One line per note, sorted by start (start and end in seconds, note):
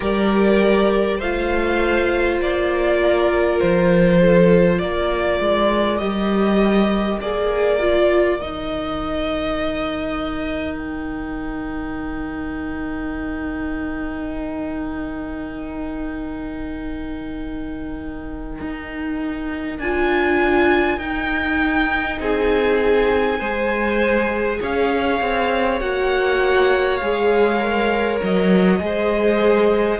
0.00 1.21 G3
0.00 1.20 G4
0.00 1.17 A#4
0.00 1.20 D5
1.17 2.39 A3
1.17 5.99 F4
1.17 2.97 C5
1.17 2.40 F5
2.39 3.59 A#3
2.39 3.60 D5
3.02 4.21 A#4
3.60 4.81 F3
3.60 4.78 C5
4.21 4.79 A4
4.78 5.40 A#3
4.78 22.19 A#4
4.78 5.98 D5
5.40 6.00 G#3
5.98 7.20 G3
5.98 7.19 G4
5.98 7.18 D#5
7.21 8.41 A#3
7.21 7.79 G#4
7.21 8.40 D5
7.79 8.39 F4
8.40 18.61 D#3
8.40 19.81 D#4
8.40 10.78 D#5
10.78 19.78 G5
18.61 19.78 D#4
19.78 20.98 D4
19.78 21.00 F4
19.78 20.98 G#5
20.98 22.18 D#4
20.98 23.39 D#4
20.98 22.18 G5
22.19 23.39 C4
22.19 23.38 G#4
22.19 24.61 G#5
23.38 24.59 G#3
23.38 25.80 G#4
23.38 24.58 C5
24.60 25.20 C#4
24.60 28.80 C#5
24.60 25.80 F5
25.20 25.80 C4
25.80 27.00 A#3
25.80 27.00 F#4
25.80 26.97 F#5
26.97 28.21 G#3
26.97 27.58 G#4
26.97 28.17 F5
27.58 28.78 A#4
28.22 28.80 F#3
28.22 29.99 D#5
28.79 29.99 G#3
28.79 29.99 G#4
28.79 29.99 C5